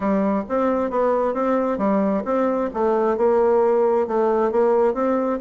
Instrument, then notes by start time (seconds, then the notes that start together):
bassoon
0.00 G3
0.48 C4
0.90 B3
1.33 C4
1.78 G3
2.24 C4
2.73 A3
3.17 A#3
4.07 A3
4.51 A#3
4.94 C4